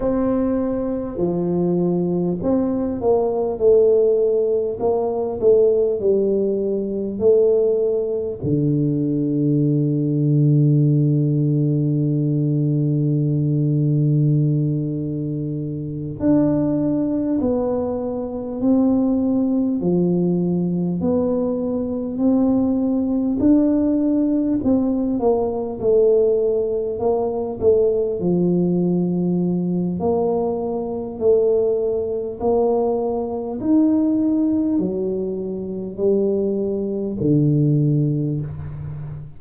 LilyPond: \new Staff \with { instrumentName = "tuba" } { \time 4/4 \tempo 4 = 50 c'4 f4 c'8 ais8 a4 | ais8 a8 g4 a4 d4~ | d1~ | d4. d'4 b4 c'8~ |
c'8 f4 b4 c'4 d'8~ | d'8 c'8 ais8 a4 ais8 a8 f8~ | f4 ais4 a4 ais4 | dis'4 fis4 g4 d4 | }